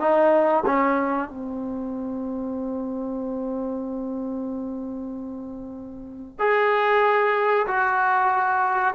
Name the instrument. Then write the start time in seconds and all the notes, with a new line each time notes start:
trombone
0.00 D#4
0.66 C#4
1.29 C4
6.39 G#4
7.67 F#4